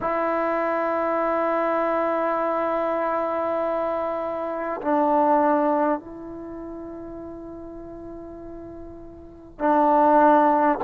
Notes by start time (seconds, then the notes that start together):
0.00 E4
4.81 D4
5.99 E4
9.58 D4